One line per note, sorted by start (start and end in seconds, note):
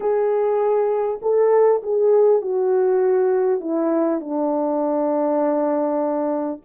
0.00 1.20 G#4
1.22 1.82 A4
1.82 2.41 G#4
2.41 3.60 F#4
3.60 4.20 E4
4.20 6.60 D4